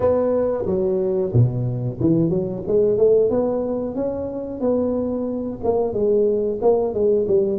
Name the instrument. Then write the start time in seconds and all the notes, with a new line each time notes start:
tuba
0.00 B3
0.66 F#3
1.33 B2
2.00 E3
2.29 F#3
2.67 G#3
2.97 A3
3.30 B3
3.95 C#4
4.60 B3
5.63 A#3
5.93 G#3
6.61 A#3
6.94 G#3
7.27 G3